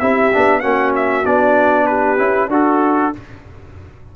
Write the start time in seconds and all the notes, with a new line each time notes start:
0.00 C4 E4 G4 E5
0.33 B3 D4
0.60 A#3 C#4 F#4 F#5
0.96 E5
1.26 B3 D4 D5
1.87 G4 B4
2.18 C#4 E4
2.48 D4 F#4 A4